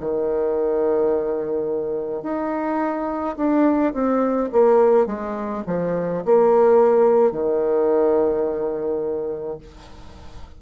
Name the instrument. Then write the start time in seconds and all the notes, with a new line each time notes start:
bassoon
0.00 D#3
2.22 D#4
3.36 D4
3.93 C4
4.52 A#3
5.06 G#3
5.66 F3
6.25 A#3
7.32 D#3